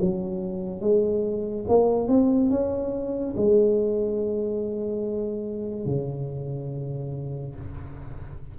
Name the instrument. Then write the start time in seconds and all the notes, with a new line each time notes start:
tuba
0.00 F#3
0.81 G#3
1.68 A#3
2.08 C4
2.50 C#4
3.36 G#3
5.86 C#3